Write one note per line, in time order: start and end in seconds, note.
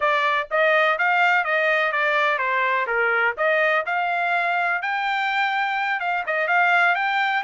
0.00 0.48 D5
0.50 0.98 D#5
0.98 1.44 F5
1.44 1.92 D#5
1.92 2.38 D5
2.38 2.86 C5
2.86 3.34 A#4
3.37 3.85 D#5
3.86 4.82 F5
4.82 6.00 G5
6.00 6.24 F5
6.26 6.47 D#5
6.47 6.95 F5
6.95 7.43 G5